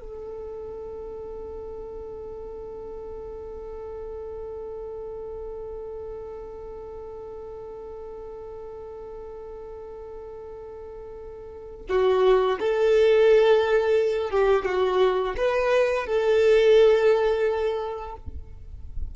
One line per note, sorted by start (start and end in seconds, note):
0.00 11.86 A4
11.89 12.59 F#4
12.59 14.30 A4
14.30 14.65 G4
14.65 15.35 F#4
15.37 16.06 B4
16.06 18.16 A4